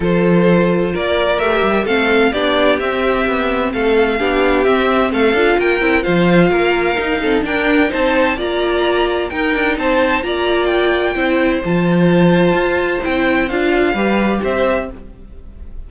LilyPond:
<<
  \new Staff \with { instrumentName = "violin" } { \time 4/4 \tempo 4 = 129 c''2 d''4 e''4 | f''4 d''4 e''2 | f''2 e''4 f''4 | g''4 f''2. |
g''4 a''4 ais''2 | g''4 a''4 ais''4 g''4~ | g''4 a''2. | g''4 f''2 e''4 | }
  \new Staff \with { instrumentName = "violin" } { \time 4/4 a'2 ais'2 | a'4 g'2. | a'4 g'2 a'4 | ais'4 c''4 ais'4. a'8 |
ais'4 c''4 d''2 | ais'4 c''4 d''2 | c''1~ | c''2 b'4 c''4 | }
  \new Staff \with { instrumentName = "viola" } { \time 4/4 f'2. g'4 | c'4 d'4 c'2~ | c'4 d'4 c'4. f'8~ | f'8 e'8 f'2 dis'8 c'8 |
d'4 dis'4 f'2 | dis'2 f'2 | e'4 f'2. | e'4 f'4 g'2 | }
  \new Staff \with { instrumentName = "cello" } { \time 4/4 f2 ais4 a8 g8 | a4 b4 c'4 b4 | a4 b4 c'4 a8 d'8 | ais8 c'8 f4 ais4 dis'4 |
d'4 c'4 ais2 | dis'8 d'8 c'4 ais2 | c'4 f2 f'4 | c'4 d'4 g4 c'4 | }
>>